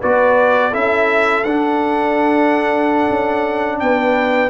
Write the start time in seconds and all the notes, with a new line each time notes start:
0.00 B3 F#4 B4 D5
0.71 C#4 E4 A4 E5
1.44 D4 F#5
3.10 C#4
3.80 B3 B4 G5